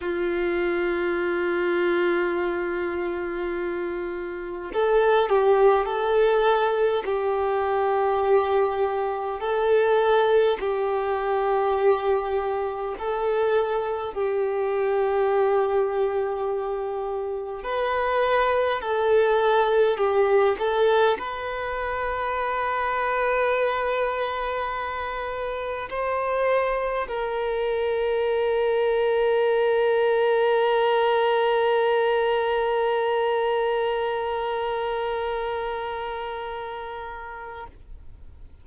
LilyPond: \new Staff \with { instrumentName = "violin" } { \time 4/4 \tempo 4 = 51 f'1 | a'8 g'8 a'4 g'2 | a'4 g'2 a'4 | g'2. b'4 |
a'4 g'8 a'8 b'2~ | b'2 c''4 ais'4~ | ais'1~ | ais'1 | }